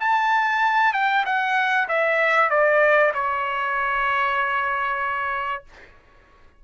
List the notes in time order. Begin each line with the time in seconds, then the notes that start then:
0.00 A5
0.93 G5
1.26 F#5
1.89 E5
2.50 D5
3.14 C#5